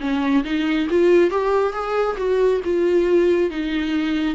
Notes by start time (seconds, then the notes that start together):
0.00 C#4
0.44 D#4
0.90 F4
1.30 G4
1.73 G#4
2.17 F#4
2.64 F4
3.50 D#4